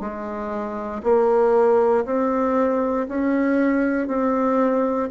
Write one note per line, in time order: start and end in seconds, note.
0.00 1.02 G#3
1.03 2.05 A#3
2.05 3.07 C4
3.08 4.07 C#4
4.07 5.09 C4